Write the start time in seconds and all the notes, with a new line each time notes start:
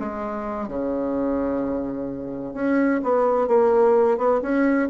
0.00 G#3
0.69 C#3
2.54 C#4
3.03 B3
3.48 A#3
4.18 B3
4.42 C#4